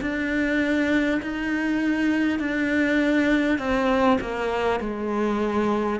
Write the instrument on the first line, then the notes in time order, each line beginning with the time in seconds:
cello
0.00 D4
1.22 D#4
2.39 D4
3.58 C4
4.21 A#3
4.80 G#3